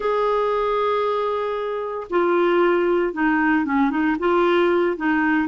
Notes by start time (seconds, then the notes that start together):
0.00 G#4
2.10 F4
3.13 D#4
3.65 C#4
3.90 D#4
4.19 F4
4.96 D#4